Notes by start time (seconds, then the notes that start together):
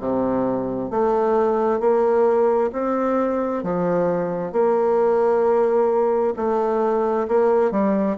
0.00 C3
0.90 A3
1.80 A#3
2.72 C4
3.63 F3
4.52 A#3
6.36 A3
7.28 A#3
7.71 G3